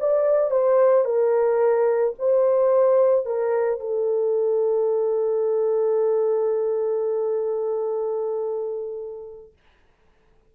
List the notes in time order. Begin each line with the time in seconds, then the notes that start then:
0.00 D5
0.51 C5
1.05 A#4
2.19 C5
3.25 A#4
3.80 A4